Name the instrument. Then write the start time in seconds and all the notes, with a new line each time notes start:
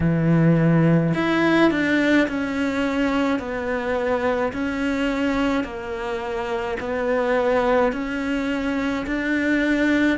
cello
0.00 E3
1.14 E4
1.70 D4
2.27 C#4
3.39 B3
4.53 C#4
5.63 A#3
6.80 B3
7.92 C#4
9.06 D4